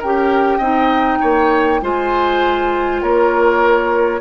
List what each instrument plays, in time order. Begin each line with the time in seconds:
0.00 bassoon C#4, clarinet G4, oboe A#4, flute G5
0.58 bassoon C4, clarinet D#4, oboe D#5
1.21 bassoon A#3, oboe C#5
1.82 bassoon G#3, clarinet F4, oboe C5, flute G#5
3.02 bassoon A#3, oboe A#4, flute C#5